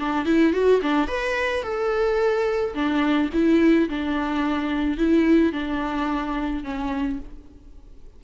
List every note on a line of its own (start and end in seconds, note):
0.00 0.26 D4
0.26 0.54 E4
0.54 0.82 F#4
0.83 1.08 D4
1.08 1.63 B4
1.63 2.74 A4
2.75 3.30 D4
3.34 3.89 E4
3.90 4.98 D4
4.98 5.53 E4
5.53 6.64 D4
6.64 7.20 C#4